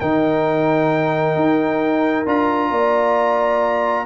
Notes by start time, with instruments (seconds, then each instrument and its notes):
0.00 tuba D#3, trombone D#4, horn A#4, trumpet G5
1.35 tuba D#4
2.26 tuba D4, trombone F4, trumpet A#5
2.71 tuba A#3, horn D5